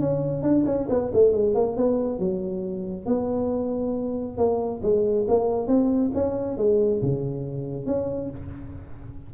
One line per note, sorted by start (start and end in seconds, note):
0.00 0.42 C#4
0.42 0.64 D4
0.66 0.88 C#4
0.89 1.11 B3
1.13 1.32 A3
1.32 1.54 G#3
1.54 1.76 A#3
1.76 2.19 B3
2.19 3.06 F#3
3.06 4.37 B3
4.37 4.81 A#3
4.82 5.26 G#3
5.28 5.67 A#3
5.67 6.11 C4
6.14 6.57 C#4
6.57 7.01 G#3
7.02 7.86 C#3
7.86 8.30 C#4